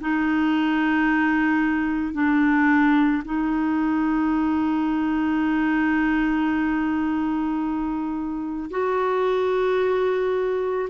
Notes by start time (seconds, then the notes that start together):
0.00 D#4
2.13 D4
3.24 D#4
8.70 F#4